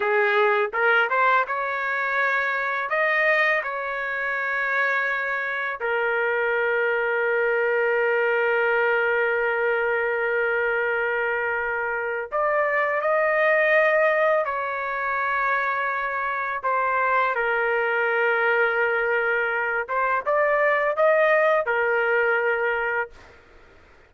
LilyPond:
\new Staff \with { instrumentName = "trumpet" } { \time 4/4 \tempo 4 = 83 gis'4 ais'8 c''8 cis''2 | dis''4 cis''2. | ais'1~ | ais'1~ |
ais'4 d''4 dis''2 | cis''2. c''4 | ais'2.~ ais'8 c''8 | d''4 dis''4 ais'2 | }